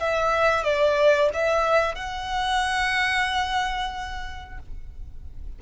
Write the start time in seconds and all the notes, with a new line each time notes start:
0.00 E5
0.64 D5
1.34 E5
1.96 F#5